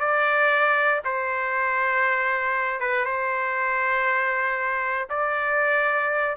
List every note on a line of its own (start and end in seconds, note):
0.00 1.02 D5
1.05 2.81 C5
2.81 3.05 B4
3.05 5.09 C5
5.10 6.37 D5